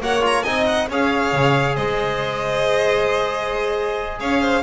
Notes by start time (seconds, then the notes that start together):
0.00 A#3 F#4 C#5 F#5
0.22 F4 A#5
0.42 C4 D#4 D#5 G#5
0.66 F#5
0.89 C#4 G#4 C#5 F5
1.33 C#3
1.75 G#3 C5 D#5
4.20 C#4 C#5 F5
4.41 C5